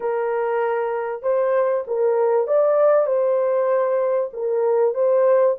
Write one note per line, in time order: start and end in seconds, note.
0.00 1.22 A#4
1.22 1.84 C5
1.87 2.47 A#4
2.47 3.06 D5
3.06 4.30 C5
4.33 4.94 A#4
4.94 5.56 C5